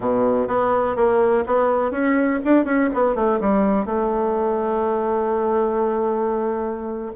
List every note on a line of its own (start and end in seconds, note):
0.00 0.47 B2
0.47 0.96 B3
0.96 1.44 A#3
1.46 1.91 B3
1.91 2.39 C#4
2.44 2.65 D4
2.65 2.89 C#4
2.94 3.15 B3
3.15 3.39 A3
3.40 3.85 G3
3.85 7.12 A3